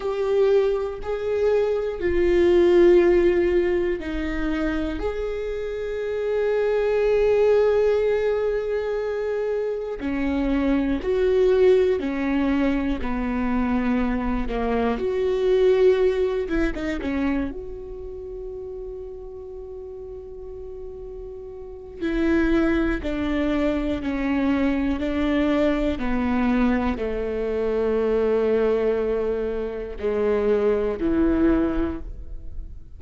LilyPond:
\new Staff \with { instrumentName = "viola" } { \time 4/4 \tempo 4 = 60 g'4 gis'4 f'2 | dis'4 gis'2.~ | gis'2 cis'4 fis'4 | cis'4 b4. ais8 fis'4~ |
fis'8 e'16 dis'16 cis'8 fis'2~ fis'8~ | fis'2 e'4 d'4 | cis'4 d'4 b4 a4~ | a2 gis4 e4 | }